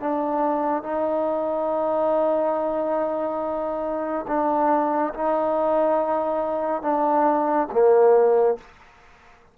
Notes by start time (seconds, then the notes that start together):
0.00 D4
0.83 D#4
4.27 D4
5.14 D#4
6.82 D4
7.72 A#3